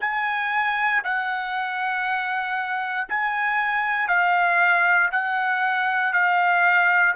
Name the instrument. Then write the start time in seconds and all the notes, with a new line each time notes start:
trumpet
0.00 G#5
1.04 F#5
3.08 G#5
4.08 F5
5.11 F#5
6.13 F5